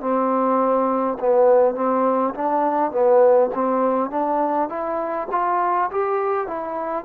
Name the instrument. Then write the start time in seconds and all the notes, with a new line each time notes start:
trombone
0.00 C4
1.19 B3
1.75 C4
2.34 D4
2.91 B3
3.55 C4
4.10 D4
4.69 E4
5.32 F4
5.91 G4
6.48 E4